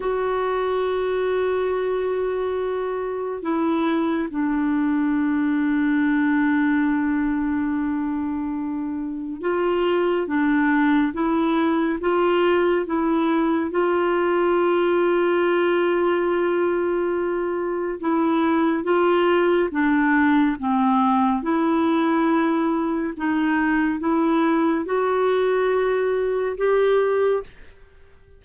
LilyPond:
\new Staff \with { instrumentName = "clarinet" } { \time 4/4 \tempo 4 = 70 fis'1 | e'4 d'2.~ | d'2. f'4 | d'4 e'4 f'4 e'4 |
f'1~ | f'4 e'4 f'4 d'4 | c'4 e'2 dis'4 | e'4 fis'2 g'4 | }